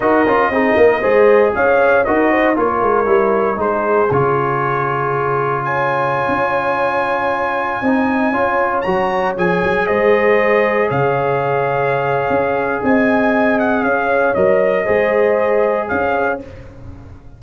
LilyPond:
<<
  \new Staff \with { instrumentName = "trumpet" } { \time 4/4 \tempo 4 = 117 dis''2. f''4 | dis''4 cis''2 c''4 | cis''2. gis''4~ | gis''1~ |
gis''4~ gis''16 ais''4 gis''4 dis''8.~ | dis''4~ dis''16 f''2~ f''8.~ | f''4 gis''4. fis''8 f''4 | dis''2. f''4 | }
  \new Staff \with { instrumentName = "horn" } { \time 4/4 ais'4 gis'8 ais'8 c''4 cis''4 | ais'8 c''8 ais'2 gis'4~ | gis'2. cis''4~ | cis''2.~ cis''16 dis''8.~ |
dis''16 cis''2. c''8.~ | c''4~ c''16 cis''2~ cis''8.~ | cis''4 dis''2 cis''4~ | cis''4 c''2 cis''4 | }
  \new Staff \with { instrumentName = "trombone" } { \time 4/4 fis'8 f'8 dis'4 gis'2 | fis'4 f'4 e'4 dis'4 | f'1~ | f'2.~ f'16 dis'8.~ |
dis'16 f'4 fis'4 gis'4.~ gis'16~ | gis'1~ | gis'1 | ais'4 gis'2. | }
  \new Staff \with { instrumentName = "tuba" } { \time 4/4 dis'8 cis'8 c'8 ais8 gis4 cis'4 | dis'4 ais8 gis8 g4 gis4 | cis1~ | cis16 cis'2. c'8.~ |
c'16 cis'4 fis4 f8 fis8 gis8.~ | gis4~ gis16 cis2~ cis8. | cis'4 c'2 cis'4 | fis4 gis2 cis'4 | }
>>